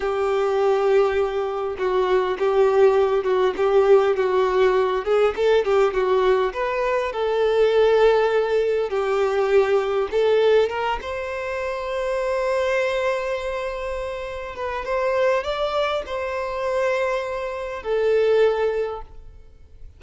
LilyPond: \new Staff \with { instrumentName = "violin" } { \time 4/4 \tempo 4 = 101 g'2. fis'4 | g'4. fis'8 g'4 fis'4~ | fis'8 gis'8 a'8 g'8 fis'4 b'4 | a'2. g'4~ |
g'4 a'4 ais'8 c''4.~ | c''1~ | c''8 b'8 c''4 d''4 c''4~ | c''2 a'2 | }